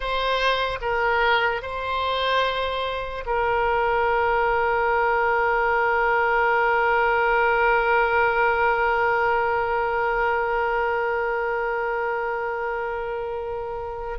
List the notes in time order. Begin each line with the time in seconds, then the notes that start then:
0.00 C5
0.81 A#4
1.62 C5
3.26 A#4